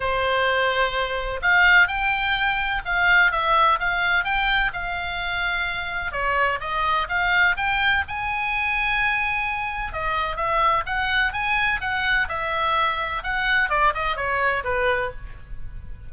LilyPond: \new Staff \with { instrumentName = "oboe" } { \time 4/4 \tempo 4 = 127 c''2. f''4 | g''2 f''4 e''4 | f''4 g''4 f''2~ | f''4 cis''4 dis''4 f''4 |
g''4 gis''2.~ | gis''4 dis''4 e''4 fis''4 | gis''4 fis''4 e''2 | fis''4 d''8 dis''8 cis''4 b'4 | }